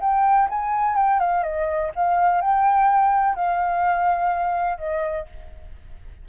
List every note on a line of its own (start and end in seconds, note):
0.00 0.48 G5
0.49 0.96 G#5
0.96 1.19 G5
1.19 1.43 F5
1.43 1.91 D#5
1.95 2.41 F5
2.41 3.35 G5
3.35 4.78 F5
4.78 5.26 D#5